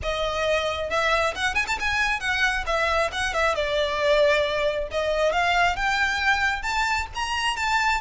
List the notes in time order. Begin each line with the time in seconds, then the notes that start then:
0.02 D#5
0.90 E5
1.35 F#5
1.55 G#5
1.67 A5
1.79 G#5
2.20 F#5
2.66 E5
3.12 F#5
3.33 E5
3.55 D5
4.91 D#5
5.32 F5
5.76 G5
6.62 A5
7.14 A#5
7.56 A5